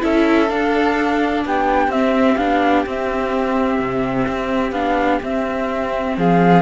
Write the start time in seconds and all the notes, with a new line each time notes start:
0.00 C#4 E4 A4 E5
0.49 D4 F5
1.44 B3 G4 G5
1.87 C4 E5
2.36 B3 D4 F5
2.86 C4 E5
3.80 C3
4.27 C4
4.71 B3 D4 F5
5.23 C4 E5
6.17 F3 G#4 F5